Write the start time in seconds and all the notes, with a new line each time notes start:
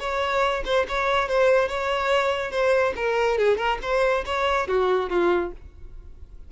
0.00 C#5
0.65 C5
0.89 C#5
1.29 C5
1.69 C#5
2.52 C5
2.96 A#4
3.38 G#4
3.58 A#4
3.82 C5
4.26 C#5
4.68 F#4
5.10 F4